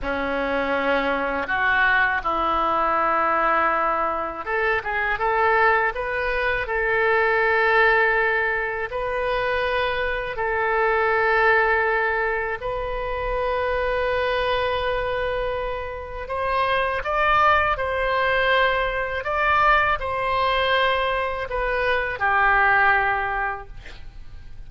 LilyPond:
\new Staff \with { instrumentName = "oboe" } { \time 4/4 \tempo 4 = 81 cis'2 fis'4 e'4~ | e'2 a'8 gis'8 a'4 | b'4 a'2. | b'2 a'2~ |
a'4 b'2.~ | b'2 c''4 d''4 | c''2 d''4 c''4~ | c''4 b'4 g'2 | }